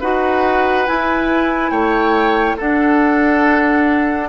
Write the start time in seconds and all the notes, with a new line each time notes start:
0.00 D#4 F#4 B4 F#5
0.86 E4 G#5
1.71 A3 C#5 G5
2.57 D4 A4 F#5